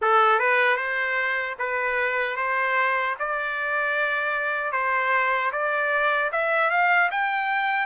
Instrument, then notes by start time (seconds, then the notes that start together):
trumpet
0.01 A4
0.39 B4
0.76 C5
1.58 B4
2.36 C5
3.19 D5
4.72 C5
5.52 D5
6.32 E5
6.70 F5
7.11 G5